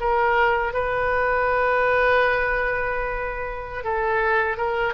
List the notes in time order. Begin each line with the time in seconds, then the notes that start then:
0.00 A#4
0.74 B4
3.84 A4
4.57 A#4